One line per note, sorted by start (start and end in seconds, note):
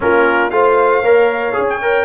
0.00 0.51 A#3
0.00 0.51 C#4
0.00 0.53 F4
0.00 0.50 A#4
0.50 1.02 A3
0.50 1.03 F4
0.50 1.02 C5
0.50 1.66 F5
1.02 1.54 A#3
1.02 1.52 A#4
1.02 2.05 C#5
1.52 2.05 C#4
1.52 1.78 G#4
1.69 2.05 G5
1.82 2.05 A#4